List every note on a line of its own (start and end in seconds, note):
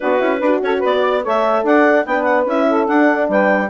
0.00 0.21 B3
0.00 0.19 D4
0.00 0.39 F#4
0.00 0.61 B4
0.19 0.40 C#4
0.19 0.40 E4
0.39 0.61 D4
0.39 1.23 F#4
0.39 0.60 B4
0.62 0.82 C#4
0.62 0.78 A4
0.62 0.83 C#5
0.78 1.25 B3
0.78 0.99 B4
0.85 1.26 D5
1.01 1.21 D5
1.22 1.63 A3
1.22 2.05 A4
1.22 1.63 C#5
1.22 1.66 E5
1.63 2.04 D4
1.63 2.05 D5
1.63 2.06 F#5
2.06 2.45 B3
2.06 2.47 D4
2.06 2.67 B4
2.06 2.23 G5
2.23 2.43 F#5
2.45 2.86 C#4
2.45 2.86 E4
2.45 2.87 E5
2.67 3.29 A4
2.86 3.69 D4
2.86 3.28 D4
2.86 3.28 F#5
3.28 3.69 G3
3.28 3.70 B4
3.28 3.70 G5